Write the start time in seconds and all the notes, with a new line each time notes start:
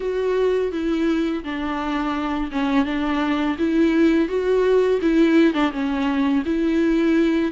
0.00 F#4
0.71 E4
1.44 D4
2.51 C#4
2.85 D4
3.58 E4
4.28 F#4
5.01 E4
5.54 D4
5.71 C#4
6.45 E4